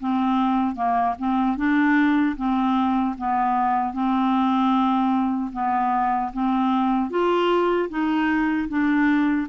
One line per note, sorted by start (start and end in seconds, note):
0.00 0.75 C4
0.75 1.15 A#3
1.18 1.57 C4
1.57 2.36 D4
2.37 3.16 C4
3.18 3.93 B3
3.93 5.51 C4
5.53 6.32 B3
6.33 7.10 C4
7.10 7.89 F4
7.89 8.68 D#4
8.68 9.47 D4